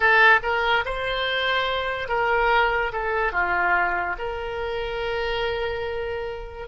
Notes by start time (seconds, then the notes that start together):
0.00 A4
0.42 A#4
0.85 C5
2.08 A#4
2.92 A4
3.32 F4
4.18 A#4